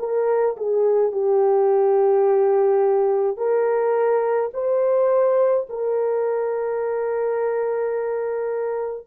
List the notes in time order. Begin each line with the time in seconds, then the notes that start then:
0.00 A#4
0.57 G#4
1.12 G4
3.38 A#4
4.54 C5
5.70 A#4